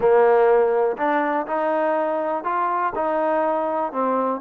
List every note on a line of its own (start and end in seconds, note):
0.00 0.96 A#3
0.97 1.46 D4
1.46 2.44 D#4
2.44 2.93 F4
2.95 3.92 D#4
3.92 4.40 C4